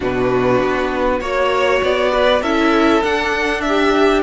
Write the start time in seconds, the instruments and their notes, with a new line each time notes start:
0.00 cello B2, viola D4, violin F#4 B4
0.60 cello B3
1.20 cello A#3, viola F#4, violin C#5
1.82 cello B3, violin D5
2.12 violin B4
2.41 cello C#4, viola E4, violin A4 E5
3.02 viola D4, cello D4, violin F#5
3.61 violin E5
3.67 violin G4